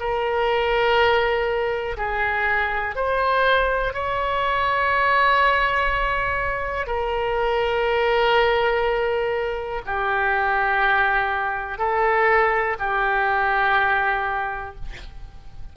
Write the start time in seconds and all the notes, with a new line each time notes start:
0.00 A#4
1.97 G#4
2.95 C5
3.93 C#5
6.87 A#4
9.86 G4
11.78 A4
12.79 G4